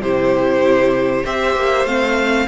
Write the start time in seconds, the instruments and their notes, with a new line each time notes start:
0.00 cello C3, viola E4, violin G4 C5
1.24 cello C4, viola G4, violin C5 E5
1.56 cello A#3
1.85 cello A3, viola C4, violin F5